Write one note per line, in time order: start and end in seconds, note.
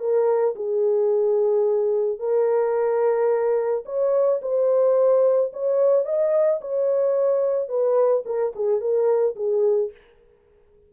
0.00 0.55 A#4
0.56 2.19 G#4
2.19 3.85 A#4
3.86 4.41 C#5
4.42 5.52 C5
5.54 6.06 C#5
6.06 6.61 D#5
6.62 7.69 C#5
7.69 8.24 B4
8.26 8.53 A#4
8.56 8.81 G#4
8.81 9.36 A#4
9.36 9.91 G#4